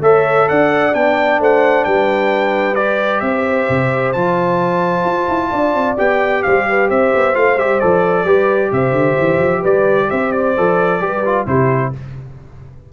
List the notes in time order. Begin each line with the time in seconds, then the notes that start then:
0.00 A3 A4 C#5 E5
0.48 D4 D5 F#5
0.92 B3 D4 G5
1.39 A3 C5 F#5
1.84 G3 B4 G5
2.75 G4 D5
3.20 C4 C5 E5
3.69 C3
4.12 F3 F4 A5
5.04 F4
5.28 E4
5.50 D4 D5
5.74 C4
5.96 B3 G4 G5
6.42 G3 C5 F5
6.69 B4
6.89 C4 C5 E5
7.14 B3
7.33 A3 F4 F5
7.57 G3 G4 E5
7.80 F3 A4 D5
8.24 G3 G4 B4
8.72 C3 C5 E5
8.91 D3
9.18 E3
9.38 F3
9.60 G3 B4 D5
10.10 C4 C5 E5
10.32 D5
10.57 F3 A4
10.99 G3 G4 B4
11.25 F4
11.46 C3 E4 G4 C5